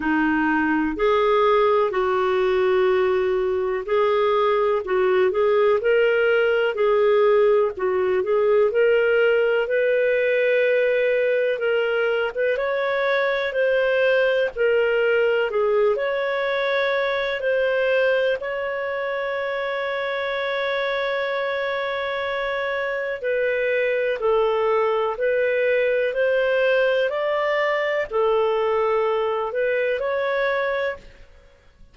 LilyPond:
\new Staff \with { instrumentName = "clarinet" } { \time 4/4 \tempo 4 = 62 dis'4 gis'4 fis'2 | gis'4 fis'8 gis'8 ais'4 gis'4 | fis'8 gis'8 ais'4 b'2 | ais'8. b'16 cis''4 c''4 ais'4 |
gis'8 cis''4. c''4 cis''4~ | cis''1 | b'4 a'4 b'4 c''4 | d''4 a'4. b'8 cis''4 | }